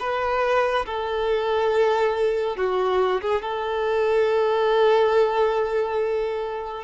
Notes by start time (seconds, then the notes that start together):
0.00 B4
0.86 A4
2.57 F#4
3.22 G#4
3.42 A4